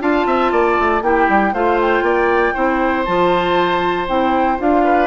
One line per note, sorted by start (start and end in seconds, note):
0.00 0.26 D4
0.00 1.02 F4
0.00 0.27 F5
0.00 1.03 A5
0.26 0.51 C4
0.26 0.52 E5
0.51 0.77 A#3
0.51 1.03 D5
0.80 1.01 A3
1.01 1.27 A#3
1.01 1.53 E4
1.01 1.53 G4
1.01 1.54 G5
1.29 1.53 G3
1.53 2.02 A3
1.53 2.54 F4
1.53 2.04 C5
1.53 1.79 F5
1.81 3.05 G5
2.02 2.53 A#3
2.02 2.54 D5
2.54 3.07 C4
2.54 3.05 E4
2.54 4.83 C5
3.05 4.08 F3
3.05 4.08 F4
3.05 4.06 A5
4.08 4.59 C4
4.08 4.58 E4
4.08 4.59 G5
4.58 5.07 D4
4.58 5.07 F4
4.58 5.07 F5
4.84 5.07 B4